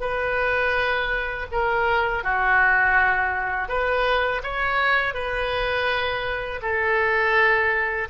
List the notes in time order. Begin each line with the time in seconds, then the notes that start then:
0.00 B4
1.52 A#4
2.23 F#4
3.68 B4
4.43 C#5
5.14 B4
6.62 A4